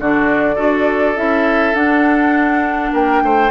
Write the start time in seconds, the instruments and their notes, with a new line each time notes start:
0.00 bassoon D3, clarinet D4, oboe F#4, flute D5
0.56 bassoon D4, clarinet F#4, oboe A4
1.16 bassoon C#4, clarinet E4, flute E5
1.75 bassoon D4, clarinet D4, flute F#5
2.93 bassoon A#3, oboe A#4, flute G5
3.23 bassoon A3, oboe C5